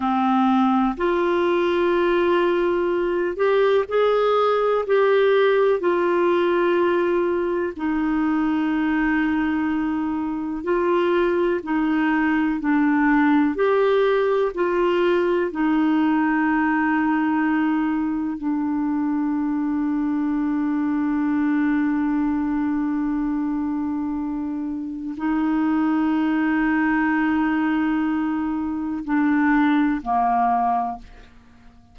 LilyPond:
\new Staff \with { instrumentName = "clarinet" } { \time 4/4 \tempo 4 = 62 c'4 f'2~ f'8 g'8 | gis'4 g'4 f'2 | dis'2. f'4 | dis'4 d'4 g'4 f'4 |
dis'2. d'4~ | d'1~ | d'2 dis'2~ | dis'2 d'4 ais4 | }